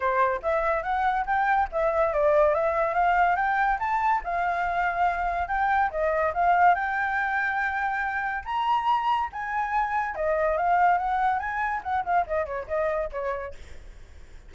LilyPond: \new Staff \with { instrumentName = "flute" } { \time 4/4 \tempo 4 = 142 c''4 e''4 fis''4 g''4 | e''4 d''4 e''4 f''4 | g''4 a''4 f''2~ | f''4 g''4 dis''4 f''4 |
g''1 | ais''2 gis''2 | dis''4 f''4 fis''4 gis''4 | fis''8 f''8 dis''8 cis''8 dis''4 cis''4 | }